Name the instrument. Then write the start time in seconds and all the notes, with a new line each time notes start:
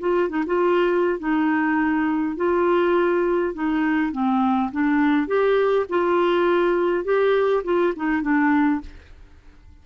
clarinet
0.00 F4
0.29 D#4
0.47 F4
1.19 D#4
2.37 F4
3.54 D#4
4.12 C4
4.72 D4
5.27 G4
5.90 F4
7.05 G4
7.64 F4
7.96 D#4
8.22 D4